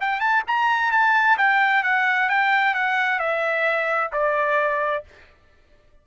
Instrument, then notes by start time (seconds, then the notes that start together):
trumpet
0.00 G5
0.20 A5
0.47 A#5
0.91 A5
1.37 G5
1.83 F#5
2.29 G5
2.74 F#5
3.19 E5
4.12 D5